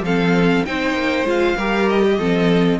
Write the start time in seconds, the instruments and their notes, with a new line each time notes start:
0.00 cello F3, viola C4, violin A4 F5
0.65 cello C4, viola D#4, violin C5 G5
0.94 cello A#3
1.24 cello G#3, viola F4, violin F5
1.57 cello G3, viola G4, violin A#4
1.89 violin D#5
2.03 violin G4
2.18 cello F3, viola C4, violin A4